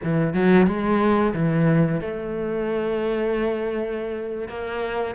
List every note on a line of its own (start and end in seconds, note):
0.03 0.33 E3
0.33 0.66 F#3
0.66 1.33 G#3
1.34 2.00 E3
2.00 4.48 A3
4.48 5.15 A#3